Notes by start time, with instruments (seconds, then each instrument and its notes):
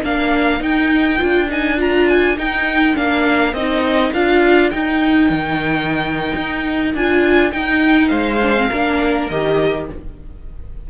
0.00 cello A#3, viola D4, violin A#4 F5
0.59 viola D#4, cello D#4, violin G5
1.18 cello D4, viola F4
1.49 viola D#4, violin G#5
1.77 viola F4, violin A#5
2.08 violin G#5
2.37 viola D#4, cello D#4, violin G5
2.93 cello A#3, viola D4, violin F5
3.53 cello C4, viola D#4, violin D#5
4.13 cello D4, viola F4, violin F5
4.70 viola D#4, cello D#4, violin G5
5.29 cello D#3
6.35 cello D#4
6.94 cello D4, viola F4, violin G#5
7.51 viola D#4, cello D#4, violin G5
8.08 cello G#3, violin C5 F5
8.42 viola D4
8.56 viola C4
8.69 cello A#3, viola D4, violin A#4
9.29 cello D#3, viola G4, violin D#5